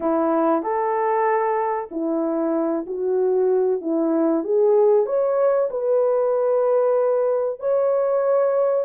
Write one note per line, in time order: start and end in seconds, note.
0.00 0.62 E4
0.62 1.89 A4
1.91 2.86 E4
2.86 3.81 F#4
3.81 4.44 E4
4.44 5.06 G#4
5.06 5.69 C#5
5.70 7.59 B4
7.59 8.85 C#5